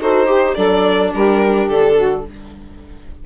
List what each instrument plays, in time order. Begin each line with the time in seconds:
0.00 bassoon D#4, viola F#4, saxophone A4, violin C5
0.26 viola G4, saxophone G4
0.55 bassoon F#3, viola D4, saxophone A4, violin D5
1.13 bassoon G3, saxophone G4, violin A#4
1.68 bassoon D3, violin A4
1.96 saxophone F#4